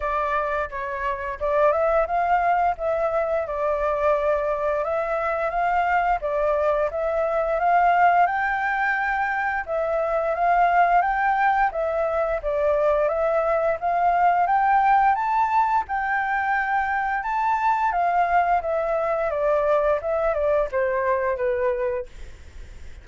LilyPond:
\new Staff \with { instrumentName = "flute" } { \time 4/4 \tempo 4 = 87 d''4 cis''4 d''8 e''8 f''4 | e''4 d''2 e''4 | f''4 d''4 e''4 f''4 | g''2 e''4 f''4 |
g''4 e''4 d''4 e''4 | f''4 g''4 a''4 g''4~ | g''4 a''4 f''4 e''4 | d''4 e''8 d''8 c''4 b'4 | }